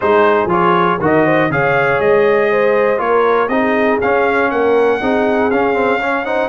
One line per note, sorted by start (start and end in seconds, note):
0.00 0.46 G#3
0.00 0.49 D#4
0.00 1.01 G#4
0.00 0.50 C5
0.46 0.96 F3
0.46 0.99 F4
0.52 1.02 C#5
1.00 1.49 D#3
1.00 1.50 F#4
1.00 1.24 A#4
1.00 1.51 D#5
1.24 1.49 C5
1.49 1.99 C#3
1.49 2.97 G#4
1.49 2.50 C#5
1.49 2.00 F5
1.99 2.99 G#3
1.99 3.00 D#5
2.50 3.00 C5
2.97 3.48 A#3
2.97 3.47 F4
2.97 3.50 A#4
2.97 3.48 C#5
3.48 3.98 C4
3.48 4.01 D#4
3.48 4.51 G#4
3.48 3.98 D#5
4.01 4.51 C#4
4.01 5.01 C#4
4.01 4.50 F5
4.50 5.01 A#3
4.50 5.01 A#4
4.50 5.50 F#5
5.01 5.51 C4
5.01 5.51 D#4
5.01 6.01 G#4
5.50 6.48 C#4
5.50 5.73 C#4
5.50 6.25 F5
5.73 5.98 C4
6.01 6.25 C#4
6.01 6.25 C#5
6.25 6.48 D#4
6.25 6.48 C5
6.25 6.48 F#5